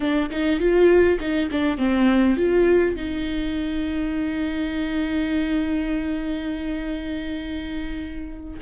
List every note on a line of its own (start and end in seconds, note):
0.00 0.30 D4
0.30 0.59 D#4
0.59 1.19 F4
1.20 1.49 D#4
1.51 1.77 D4
1.77 2.36 C4
2.36 2.95 F4
2.95 8.60 D#4